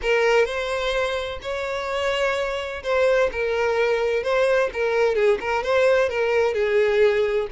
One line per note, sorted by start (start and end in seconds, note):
0.02 0.45 A#4
0.45 1.39 C5
1.42 2.82 C#5
2.83 3.30 C5
3.32 4.23 A#4
4.23 4.70 C5
4.73 5.15 A#4
5.15 5.38 G#4
5.40 5.63 A#4
5.63 6.09 C5
6.09 6.53 A#4
6.53 7.47 G#4